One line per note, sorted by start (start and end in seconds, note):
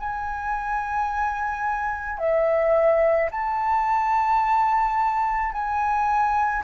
0.00 2.19 G#5
2.19 3.30 E5
3.31 5.53 A5
5.53 6.64 G#5